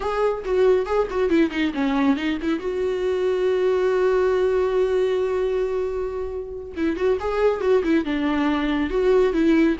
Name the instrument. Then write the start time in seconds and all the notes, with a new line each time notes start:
viola
0.00 G#4
0.44 F#4
0.86 G#4
1.10 F#4
1.29 E4
1.50 D#4
1.74 C#4
2.16 D#4
2.42 E4
2.59 F#4
6.76 E4
6.96 F#4
7.20 G#4
7.60 F#4
7.83 E4
8.05 D4
8.89 F#4
9.33 E4